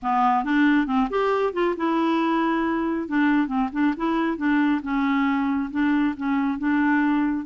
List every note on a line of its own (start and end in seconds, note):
0.02 0.44 B3
0.44 0.86 D4
0.86 1.08 C4
1.09 1.53 G4
1.53 1.75 F4
1.76 3.08 E4
3.08 3.47 D4
3.47 3.69 C4
3.72 3.94 D4
3.96 4.37 E4
4.37 4.81 D4
4.82 5.70 C#4
5.71 6.14 D4
6.17 6.58 C#4
6.58 7.45 D4